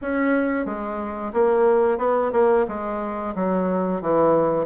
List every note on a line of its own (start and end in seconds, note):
0.01 0.65 C#4
0.65 1.32 G#3
1.33 1.98 A#3
1.98 2.31 B3
2.32 2.65 A#3
2.68 3.34 G#3
3.35 4.02 F#3
4.02 4.65 E3